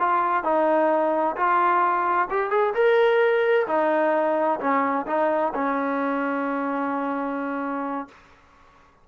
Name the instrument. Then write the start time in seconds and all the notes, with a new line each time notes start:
trombone
0.00 F4
0.44 D#4
1.37 F4
2.31 G4
2.51 G#4
2.75 A#4
3.68 D#4
4.60 C#4
5.07 D#4
5.55 C#4